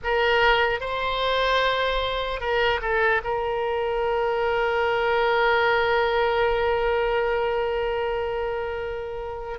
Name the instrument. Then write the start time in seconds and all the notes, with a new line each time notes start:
oboe
0.03 A#4
0.80 C5
2.40 A#4
2.81 A4
3.24 A#4